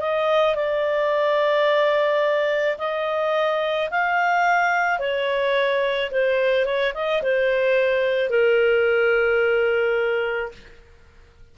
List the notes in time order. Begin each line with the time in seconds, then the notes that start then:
0.00 D#5
0.55 D5
2.78 D#5
3.90 F5
4.99 C#5
6.11 C5
6.65 C#5
6.93 D#5
7.22 C5
8.29 A#4